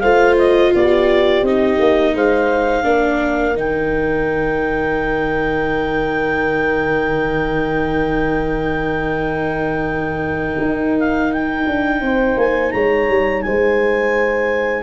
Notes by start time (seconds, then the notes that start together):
0.00 A3 F4 C5 F5
0.38 D#5
0.75 B3 G4 D5
1.43 C4 D#4 D#5
1.80 A#3
2.15 G#3 C5 F5
2.84 A#3 D4 A#4
3.55 D#3 D#4 G5
10.61 D#4
11.00 F5
11.33 G5
11.67 D4
12.01 C4 C5
12.37 A#3 G#5
12.72 G#3 C#5 A#5
13.09 G3
13.42 G#3 C5 G#5